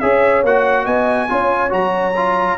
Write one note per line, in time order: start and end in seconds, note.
0.00 0.44 C#4
0.00 0.45 G#4
0.00 0.84 C#5
0.00 0.43 E5
0.44 0.86 A#3
0.44 1.29 F#4
0.44 0.86 F#5
0.84 1.29 B3
0.84 1.27 D#5
0.84 1.72 G#5
1.29 1.72 C#4
1.29 1.70 F4
1.29 2.58 C#5
1.70 2.58 F#3
1.70 2.12 F#4
1.70 2.58 A#5
2.16 2.58 F4